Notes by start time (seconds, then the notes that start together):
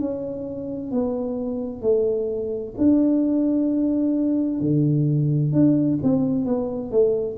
0.00 C#4
0.91 B3
1.82 A3
2.78 D4
4.61 D3
5.53 D4
6.03 C4
6.46 B3
6.91 A3